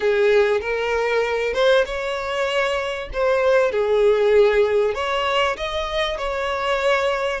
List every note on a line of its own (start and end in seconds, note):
0.00 0.60 G#4
0.60 1.53 A#4
1.53 1.84 C5
1.85 3.09 C#5
3.13 3.71 C5
3.71 4.94 G#4
4.94 5.56 C#5
5.56 6.17 D#5
6.17 7.40 C#5